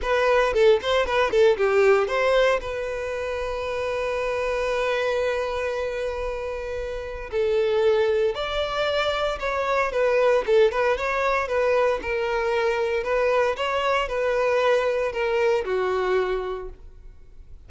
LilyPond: \new Staff \with { instrumentName = "violin" } { \time 4/4 \tempo 4 = 115 b'4 a'8 c''8 b'8 a'8 g'4 | c''4 b'2.~ | b'1~ | b'2 a'2 |
d''2 cis''4 b'4 | a'8 b'8 cis''4 b'4 ais'4~ | ais'4 b'4 cis''4 b'4~ | b'4 ais'4 fis'2 | }